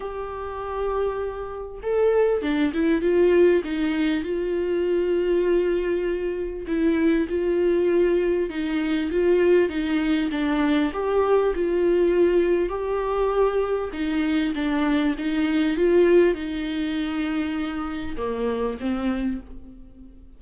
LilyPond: \new Staff \with { instrumentName = "viola" } { \time 4/4 \tempo 4 = 99 g'2. a'4 | d'8 e'8 f'4 dis'4 f'4~ | f'2. e'4 | f'2 dis'4 f'4 |
dis'4 d'4 g'4 f'4~ | f'4 g'2 dis'4 | d'4 dis'4 f'4 dis'4~ | dis'2 ais4 c'4 | }